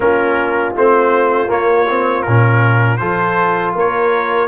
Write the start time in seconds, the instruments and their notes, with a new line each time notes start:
0.00 tuba A#3, trombone C#4, horn F4, trumpet A#4
0.75 tuba A3, trombone C4, trumpet C5
1.47 trombone A#3, tuba A#3, trumpet C#5
1.88 trombone C4
2.22 tuba A#2, trombone C#4, trumpet A#4
2.97 tuba F3, trombone F4, horn A4, trumpet C5
3.75 tuba A#3, horn A#4, trumpet C#5